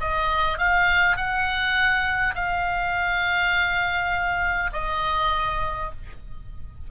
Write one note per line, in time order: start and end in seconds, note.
0.00 0.58 D#5
0.58 1.17 F5
1.17 2.35 F#5
2.35 4.71 F5
4.73 5.91 D#5